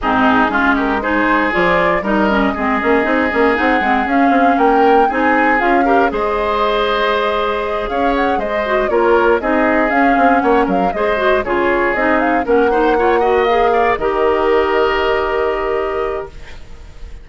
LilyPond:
<<
  \new Staff \with { instrumentName = "flute" } { \time 4/4 \tempo 4 = 118 gis'4. ais'8 c''4 d''4 | dis''2. fis''4 | f''4 g''4 gis''4 f''4 | dis''2.~ dis''8 f''8 |
fis''8 dis''4 cis''4 dis''4 f''8~ | f''8 fis''8 f''8 dis''4 cis''4 dis''8 | f''8 fis''2 f''4 dis''8~ | dis''1 | }
  \new Staff \with { instrumentName = "oboe" } { \time 4/4 dis'4 f'8 g'8 gis'2 | ais'4 gis'2.~ | gis'4 ais'4 gis'4. ais'8 | c''2.~ c''8 cis''8~ |
cis''8 c''4 ais'4 gis'4.~ | gis'8 cis''8 ais'8 c''4 gis'4.~ | gis'8 ais'8 c''8 cis''8 dis''4 d''8 ais'8~ | ais'1 | }
  \new Staff \with { instrumentName = "clarinet" } { \time 4/4 c'4 cis'4 dis'4 f'4 | dis'8 cis'8 c'8 cis'8 dis'8 cis'8 dis'8 c'8 | cis'2 dis'4 f'8 g'8 | gis'1~ |
gis'4 fis'8 f'4 dis'4 cis'8~ | cis'4. gis'8 fis'8 f'4 dis'8~ | dis'8 cis'8 dis'8 f'8 fis'8 gis'4 g'8~ | g'1 | }
  \new Staff \with { instrumentName = "bassoon" } { \time 4/4 gis,4 gis2 f4 | g4 gis8 ais8 c'8 ais8 c'8 gis8 | cis'8 c'8 ais4 c'4 cis'4 | gis2.~ gis8 cis'8~ |
cis'8 gis4 ais4 c'4 cis'8 | c'8 ais8 fis8 gis4 cis4 c'8~ | c'8 ais2. dis8~ | dis1 | }
>>